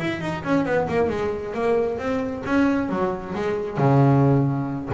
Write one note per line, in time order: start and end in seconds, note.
0.00 0.21 E4
0.21 0.44 D#4
0.44 0.66 C#4
0.66 0.88 B3
0.89 1.10 A#3
1.10 1.54 G#3
1.54 1.99 A#3
1.99 2.44 C4
2.46 2.90 C#4
2.90 3.34 F#3
3.35 3.78 G#3
3.78 4.90 C#3